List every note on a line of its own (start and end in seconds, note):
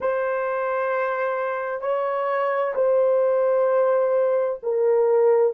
0.00 1.81 C5
1.81 2.73 C#5
2.74 4.59 C5
4.62 5.53 A#4